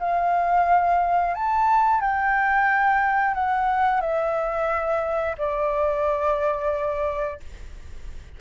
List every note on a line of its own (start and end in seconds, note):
0.00 1.35 F5
1.35 2.01 A5
2.01 3.35 G5
3.35 4.01 F#5
4.01 5.36 E5
5.38 7.40 D5